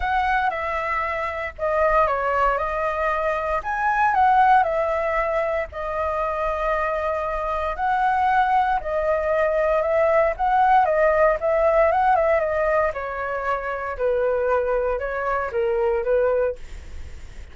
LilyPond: \new Staff \with { instrumentName = "flute" } { \time 4/4 \tempo 4 = 116 fis''4 e''2 dis''4 | cis''4 dis''2 gis''4 | fis''4 e''2 dis''4~ | dis''2. fis''4~ |
fis''4 dis''2 e''4 | fis''4 dis''4 e''4 fis''8 e''8 | dis''4 cis''2 b'4~ | b'4 cis''4 ais'4 b'4 | }